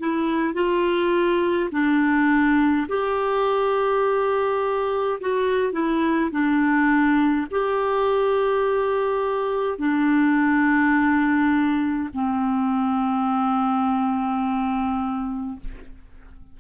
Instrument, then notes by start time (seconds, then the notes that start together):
clarinet
0.00 E4
0.55 F4
1.72 D4
2.89 G4
5.21 F#4
5.73 E4
6.31 D4
7.52 G4
9.79 D4
12.14 C4